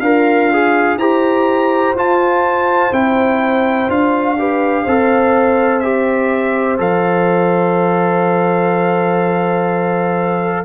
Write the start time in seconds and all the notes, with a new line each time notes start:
0.00 D4 F4 A#4 F5
0.53 G#4
0.97 E4 G4 C5 A#5
1.94 F4 A5
2.91 C4 E4 G5
3.88 D4 F4 F5
4.38 G4 B4
4.84 C4 A4 C5
5.80 G4 E5
6.78 F3 A4 F5